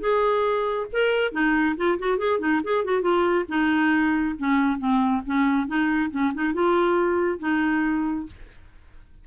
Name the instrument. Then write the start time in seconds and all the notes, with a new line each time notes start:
clarinet
0.00 G#4
0.92 A#4
1.32 D#4
1.77 F4
1.99 F#4
2.18 G#4
2.40 D#4
2.64 G#4
2.84 F#4
3.02 F4
3.49 D#4
4.38 C#4
4.78 C4
5.26 C#4
5.67 D#4
6.11 C#4
6.34 D#4
6.54 F4
7.40 D#4